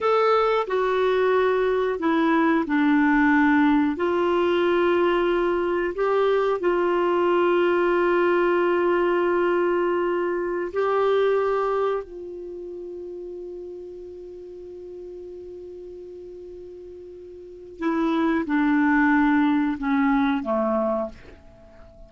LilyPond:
\new Staff \with { instrumentName = "clarinet" } { \time 4/4 \tempo 4 = 91 a'4 fis'2 e'4 | d'2 f'2~ | f'4 g'4 f'2~ | f'1~ |
f'16 g'2 f'4.~ f'16~ | f'1~ | f'2. e'4 | d'2 cis'4 a4 | }